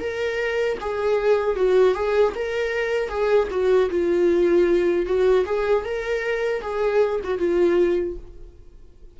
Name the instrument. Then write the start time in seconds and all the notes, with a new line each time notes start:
viola
0.00 A#4
0.81 G#4
1.56 F#4
1.95 G#4
2.35 A#4
3.09 G#4
3.51 F#4
3.90 F4
5.06 F#4
5.46 G#4
5.85 A#4
6.62 G#4
7.24 F#4
7.39 F4